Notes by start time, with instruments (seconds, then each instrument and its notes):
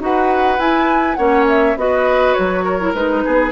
0.00 bassoon D#4, clarinet F#4, oboe B4, flute F#5
0.58 bassoon E4, clarinet E4, flute G#5
1.15 bassoon A#3, clarinet C#4, oboe C#5, flute F#5
1.48 flute E5
1.76 bassoon B3, clarinet F#4, oboe B4, flute D#5
2.33 bassoon F#3, flute C#5
2.64 oboe A#4
2.80 clarinet E4
2.94 bassoon G#3, clarinet D#4, flute B4
3.25 bassoon B3, oboe G#4